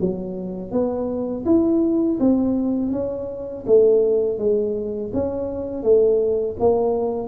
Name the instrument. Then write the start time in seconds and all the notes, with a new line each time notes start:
tuba
0.00 F#3
0.71 B3
1.45 E4
2.20 C4
2.92 C#4
3.66 A3
4.38 G#3
5.14 C#4
5.83 A3
6.59 A#3